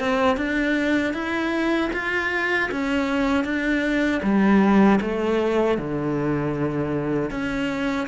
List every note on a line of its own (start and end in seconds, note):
0.00 0.37 C4
0.37 1.14 D4
1.14 1.91 E4
1.93 2.70 F4
2.71 3.44 C#4
3.44 4.21 D4
4.23 5.00 G3
5.01 5.78 A3
5.78 7.30 D3
7.30 8.07 C#4